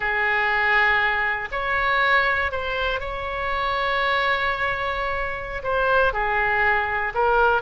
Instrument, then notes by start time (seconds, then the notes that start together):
oboe
0.00 G#4
1.51 C#5
2.51 C5
3.00 C#5
5.63 C5
6.12 G#4
7.14 A#4